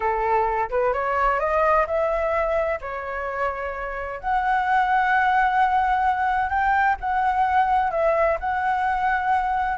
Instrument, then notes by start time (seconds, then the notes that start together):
flute
0.00 A4
0.70 B4
0.93 C#5
1.39 D#5
1.86 E5
2.81 C#5
4.19 F#5
6.49 G5
7.00 F#5
7.91 E5
8.40 F#5